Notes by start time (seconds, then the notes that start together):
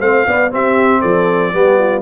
0.00 A3 C4 C5 F5
0.27 B3 D5
0.51 C4 G4 E5
1.01 F3 A4 D5
1.53 G3 B3 G4
1.79 F4